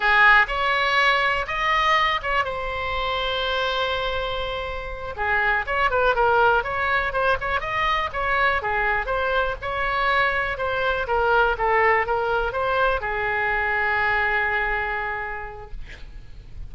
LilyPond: \new Staff \with { instrumentName = "oboe" } { \time 4/4 \tempo 4 = 122 gis'4 cis''2 dis''4~ | dis''8 cis''8 c''2.~ | c''2~ c''8 gis'4 cis''8 | b'8 ais'4 cis''4 c''8 cis''8 dis''8~ |
dis''8 cis''4 gis'4 c''4 cis''8~ | cis''4. c''4 ais'4 a'8~ | a'8 ais'4 c''4 gis'4.~ | gis'1 | }